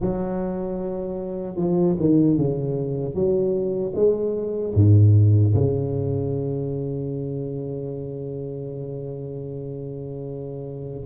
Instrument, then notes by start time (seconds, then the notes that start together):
tuba
0.00 F#3
1.56 F3
2.00 D#3
2.37 C#3
3.14 F#3
3.95 G#3
4.74 G#2
5.54 C#3